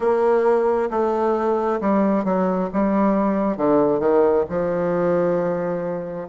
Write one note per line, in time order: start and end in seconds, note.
0.00 0.90 A#3
0.90 1.80 A3
1.80 2.24 G3
2.24 2.69 F#3
2.73 3.57 G3
3.57 3.99 D3
3.99 4.44 D#3
4.49 6.28 F3